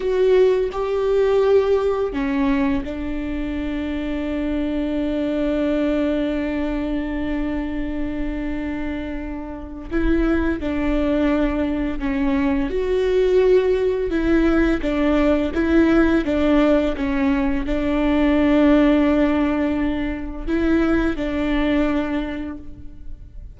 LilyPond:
\new Staff \with { instrumentName = "viola" } { \time 4/4 \tempo 4 = 85 fis'4 g'2 cis'4 | d'1~ | d'1~ | d'2 e'4 d'4~ |
d'4 cis'4 fis'2 | e'4 d'4 e'4 d'4 | cis'4 d'2.~ | d'4 e'4 d'2 | }